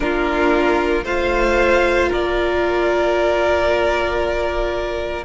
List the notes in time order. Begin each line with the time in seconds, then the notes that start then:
0.00 A#3 D4 F4 A#4
1.04 A3 F4 C5 F5
2.09 A#3 A#4 D5